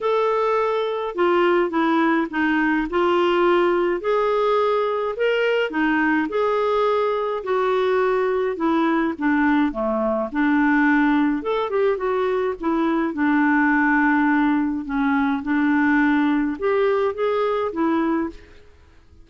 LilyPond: \new Staff \with { instrumentName = "clarinet" } { \time 4/4 \tempo 4 = 105 a'2 f'4 e'4 | dis'4 f'2 gis'4~ | gis'4 ais'4 dis'4 gis'4~ | gis'4 fis'2 e'4 |
d'4 a4 d'2 | a'8 g'8 fis'4 e'4 d'4~ | d'2 cis'4 d'4~ | d'4 g'4 gis'4 e'4 | }